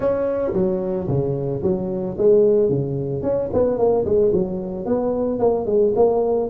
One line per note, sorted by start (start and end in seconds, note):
0.00 0.53 C#4
0.53 1.07 F#3
1.07 1.61 C#3
1.62 2.16 F#3
2.17 2.69 G#3
2.69 3.22 C#3
3.22 3.49 C#4
3.53 3.77 B3
3.77 4.04 A#3
4.05 4.32 G#3
4.32 4.85 F#3
4.85 5.39 B3
5.39 5.66 A#3
5.66 5.93 G#3
5.95 6.49 A#3